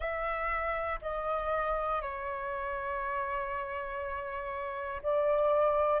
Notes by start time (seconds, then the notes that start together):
0.00 E5
1.01 D#5
2.01 C#5
5.02 D5